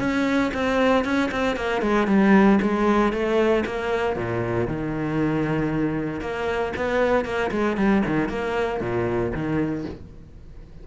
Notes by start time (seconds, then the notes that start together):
0.00 C#4
0.54 C4
1.05 C#4
1.32 C4
1.57 A#3
1.82 G#3
2.08 G3
2.62 G#3
3.13 A3
3.66 A#3
4.17 A#2
4.68 D#3
6.21 A#3
6.77 B3
7.25 A#3
7.51 G#3
7.77 G3
8.07 D#3
8.29 A#3
8.81 A#2
9.34 D#3